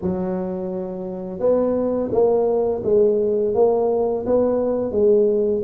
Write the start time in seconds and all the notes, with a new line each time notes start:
0.01 F#3
1.39 B3
2.11 A#3
2.83 G#3
3.54 A#3
4.25 B3
4.91 G#3